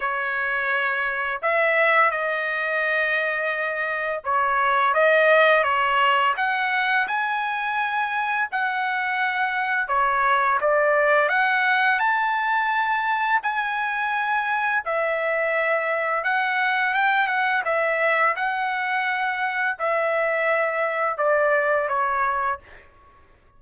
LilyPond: \new Staff \with { instrumentName = "trumpet" } { \time 4/4 \tempo 4 = 85 cis''2 e''4 dis''4~ | dis''2 cis''4 dis''4 | cis''4 fis''4 gis''2 | fis''2 cis''4 d''4 |
fis''4 a''2 gis''4~ | gis''4 e''2 fis''4 | g''8 fis''8 e''4 fis''2 | e''2 d''4 cis''4 | }